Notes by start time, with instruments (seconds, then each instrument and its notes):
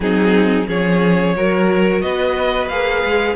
0.00 cello F#3, viola C4, violin D#4 G#4
0.67 cello F3, viola C#4, violin G#4 C#5
1.35 cello F#3, viola F#4, violin A#4
2.01 cello B3, violin B4 D#5
2.68 cello A#3, viola G#4, violin F5
3.04 cello G#3